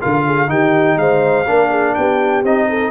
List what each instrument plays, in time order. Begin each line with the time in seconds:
0.00 tuba D3, trombone F4, horn A#4, trumpet F5
0.26 horn G#4
0.47 tuba D#3, trombone D#4, horn G4, trumpet G5
0.96 tuba G#3, horn C5, trumpet F5
1.47 tuba A#3, trombone D4, horn A#4
1.70 horn G#4
1.94 tuba B3, horn G4, trumpet G5
2.43 tuba C4, trombone D#4, trumpet D#5
2.69 horn A4